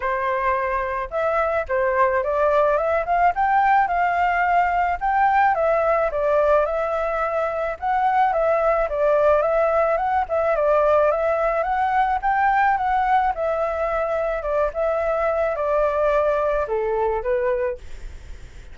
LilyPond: \new Staff \with { instrumentName = "flute" } { \time 4/4 \tempo 4 = 108 c''2 e''4 c''4 | d''4 e''8 f''8 g''4 f''4~ | f''4 g''4 e''4 d''4 | e''2 fis''4 e''4 |
d''4 e''4 fis''8 e''8 d''4 | e''4 fis''4 g''4 fis''4 | e''2 d''8 e''4. | d''2 a'4 b'4 | }